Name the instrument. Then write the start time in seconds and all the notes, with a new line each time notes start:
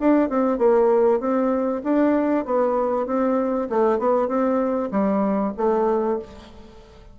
bassoon
0.00 D4
0.30 C4
0.58 A#3
1.20 C4
1.84 D4
2.45 B3
3.07 C4
3.70 A3
3.99 B3
4.28 C4
4.91 G3
5.58 A3